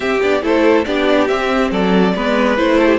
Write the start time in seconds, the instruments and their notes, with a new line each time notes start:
0.00 cello C4, viola C4, violin G4 E5
0.22 cello B3, viola D4, violin D5
0.42 cello A3, viola E4, violin A4 C5
0.85 cello B3, viola D4, violin G4 D5
1.27 viola C4, cello C4, violin E5
1.71 cello F#3, violin A4 D5
2.15 cello G#3, viola B3, violin B4
2.56 cello A3, viola E4, violin C5
2.78 violin A4
2.86 violin G4